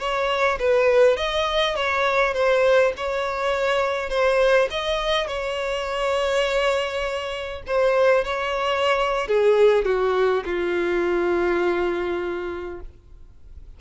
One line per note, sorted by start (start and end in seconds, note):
0.00 0.59 C#5
0.60 1.17 B4
1.17 1.76 D#5
1.76 2.34 C#5
2.34 2.93 C5
2.97 4.10 C#5
4.10 4.69 C5
4.71 5.28 D#5
5.28 7.63 C#5
7.67 8.25 C5
8.25 9.28 C#5
9.28 9.85 G#4
9.85 10.44 F#4
10.45 12.81 F4